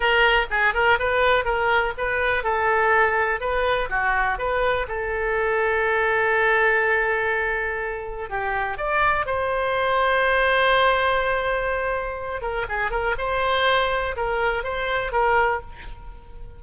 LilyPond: \new Staff \with { instrumentName = "oboe" } { \time 4/4 \tempo 4 = 123 ais'4 gis'8 ais'8 b'4 ais'4 | b'4 a'2 b'4 | fis'4 b'4 a'2~ | a'1~ |
a'4 g'4 d''4 c''4~ | c''1~ | c''4. ais'8 gis'8 ais'8 c''4~ | c''4 ais'4 c''4 ais'4 | }